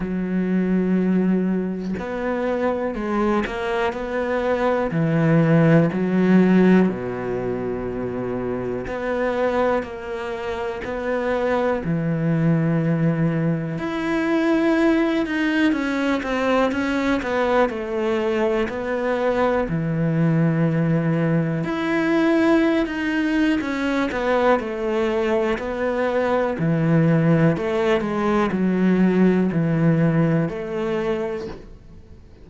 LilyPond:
\new Staff \with { instrumentName = "cello" } { \time 4/4 \tempo 4 = 61 fis2 b4 gis8 ais8 | b4 e4 fis4 b,4~ | b,4 b4 ais4 b4 | e2 e'4. dis'8 |
cis'8 c'8 cis'8 b8 a4 b4 | e2 e'4~ e'16 dis'8. | cis'8 b8 a4 b4 e4 | a8 gis8 fis4 e4 a4 | }